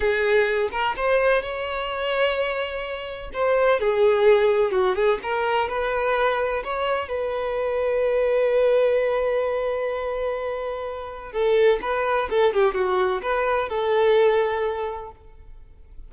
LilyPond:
\new Staff \with { instrumentName = "violin" } { \time 4/4 \tempo 4 = 127 gis'4. ais'8 c''4 cis''4~ | cis''2. c''4 | gis'2 fis'8 gis'8 ais'4 | b'2 cis''4 b'4~ |
b'1~ | b'1 | a'4 b'4 a'8 g'8 fis'4 | b'4 a'2. | }